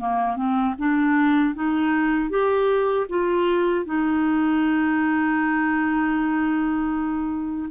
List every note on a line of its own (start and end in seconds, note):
0.00 0.37 A#3
0.37 0.75 C4
0.79 1.55 D4
1.55 2.30 D#4
2.30 3.07 G4
3.10 3.86 F4
3.86 7.70 D#4